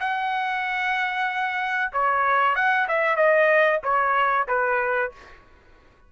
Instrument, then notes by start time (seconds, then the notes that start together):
trumpet
0.00 F#5
1.93 C#5
2.55 F#5
2.88 E5
3.17 D#5
3.83 C#5
4.48 B4